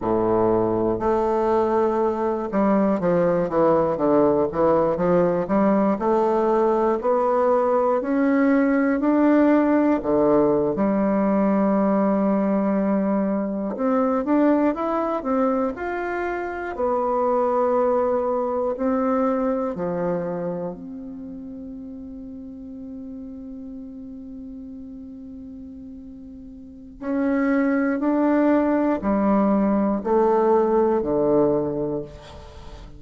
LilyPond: \new Staff \with { instrumentName = "bassoon" } { \time 4/4 \tempo 4 = 60 a,4 a4. g8 f8 e8 | d8 e8 f8 g8 a4 b4 | cis'4 d'4 d8. g4~ g16~ | g4.~ g16 c'8 d'8 e'8 c'8 f'16~ |
f'8. b2 c'4 f16~ | f8. c'2.~ c'16~ | c'2. cis'4 | d'4 g4 a4 d4 | }